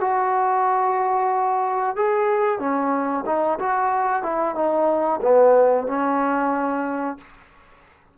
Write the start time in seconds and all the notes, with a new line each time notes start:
0.00 F#4
1.96 G#4
2.59 C#4
3.26 D#4
3.59 F#4
4.22 E4
4.55 D#4
5.22 B3
5.87 C#4